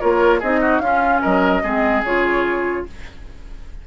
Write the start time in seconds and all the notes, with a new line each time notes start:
0.00 A#3 F4 A#4 C#5
0.39 C4 D#4 G#4 D#5
0.61 F#4
0.79 C#4 F4 F5
1.21 F#3 A#4 D#5
1.63 G#3 C4 G#4
2.03 C#3 F4 C#5